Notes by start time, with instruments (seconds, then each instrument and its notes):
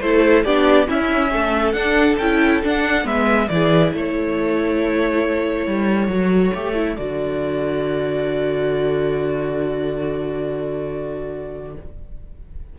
0.00 cello A3, viola E4, violin A4 C5
0.44 cello B3, viola D4, violin G4 D5
0.87 viola C#4, cello C#4, violin E4 E5
1.32 cello A3, violin A4
1.72 cello D4, viola D4, violin F#5
2.18 cello C#4, viola E4, violin G5
2.63 viola D4, cello D4, violin F#5
3.04 cello G#3, viola B3, violin B4 E5
3.48 cello E3, viola E4, violin G#4 D5
3.93 cello A3, violin A4 C#5
5.66 cello G3
6.08 cello F#3, viola F#4
6.54 cello A3, viola G4
6.75 viola E4
6.96 cello D3, viola F#4, violin D5